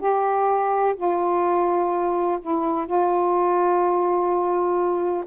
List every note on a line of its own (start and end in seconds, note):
0.00 0.95 G4
0.97 2.39 F4
2.42 2.87 E4
2.87 5.25 F4